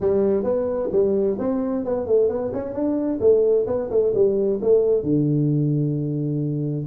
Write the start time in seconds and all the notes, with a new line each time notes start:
0.00 G3
0.43 B3
0.92 G3
1.38 C4
1.84 B3
2.06 A3
2.28 B3
2.53 C#4
2.73 D4
3.20 A3
3.66 B3
3.90 A3
4.14 G3
4.61 A3
5.03 D3